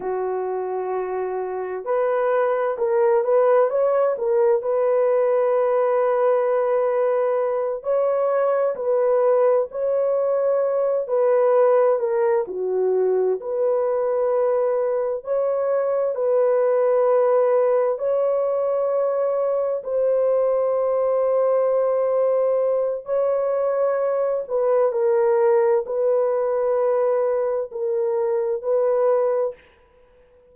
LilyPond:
\new Staff \with { instrumentName = "horn" } { \time 4/4 \tempo 4 = 65 fis'2 b'4 ais'8 b'8 | cis''8 ais'8 b'2.~ | b'8 cis''4 b'4 cis''4. | b'4 ais'8 fis'4 b'4.~ |
b'8 cis''4 b'2 cis''8~ | cis''4. c''2~ c''8~ | c''4 cis''4. b'8 ais'4 | b'2 ais'4 b'4 | }